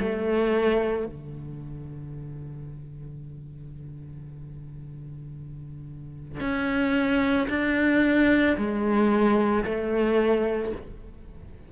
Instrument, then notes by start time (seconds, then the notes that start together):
cello
0.00 A3
1.07 D3
6.40 C#4
7.50 D4
8.58 G#3
9.65 A3